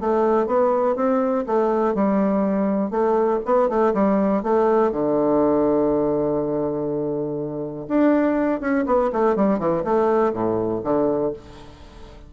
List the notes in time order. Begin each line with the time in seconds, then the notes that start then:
0.00 A3
0.46 B3
0.95 C4
1.46 A3
1.94 G3
2.90 A3
3.45 B3
3.69 A3
3.94 G3
4.43 A3
4.92 D3
7.88 D4
8.60 C#4
8.86 B3
9.12 A3
9.36 G3
9.59 E3
9.84 A3
10.33 A2
10.83 D3